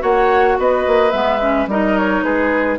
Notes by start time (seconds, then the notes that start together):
0.00 A#3 F#4 C#5 F#5
0.59 B3 B4 D#5
0.87 A#3
1.12 G#3 B3 E5
1.41 C#4
1.67 G3 D#4 A#4 D#5
1.98 C#5
2.23 G#3 G#4 B4